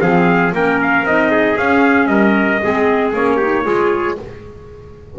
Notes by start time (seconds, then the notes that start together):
0.00 F3 C4 G#4 F5
0.52 A#3 C#4 A#4 G5
0.82 F5
1.03 C4 D#4 D#5
1.31 G#4
1.56 C#4 F5
2.07 G3 A#4 D#5
2.62 G#3 C4 G#4
3.13 A#3 C#4 C#5
3.36 D#4 G4
3.64 G#3 F4 G#4